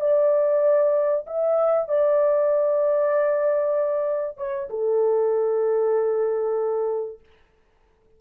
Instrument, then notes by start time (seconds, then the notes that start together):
horn
0.00 D5
1.26 E5
1.88 D5
4.37 C#5
4.69 A4